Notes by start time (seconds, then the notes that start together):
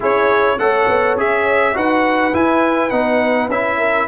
0.00 C#4 E4 G#4 C#5
0.58 A3 A4 C#5 F#5
0.87 B3
1.16 C#4 G#4 E5
1.74 D#4 F#4 B4 F#5
2.33 E4 G#5
2.90 B3 D#4 F#5
3.48 C#4 E4 E5
3.78 A#4